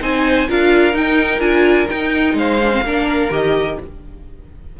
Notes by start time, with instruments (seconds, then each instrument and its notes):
0.00 cello C4, viola D#4, violin C5 G#5
0.48 cello D4, viola F4, violin A#4 F5
0.92 viola D#4, cello D#4, violin G5
1.39 cello D4, viola F4, violin G#5
1.88 viola D#4, cello D#4, violin G5
2.33 cello G#3, violin C5 F5
2.62 viola D4
2.71 viola C4
2.82 cello A#3, viola D4, violin A#4
3.30 cello D#3, viola G4, violin D#5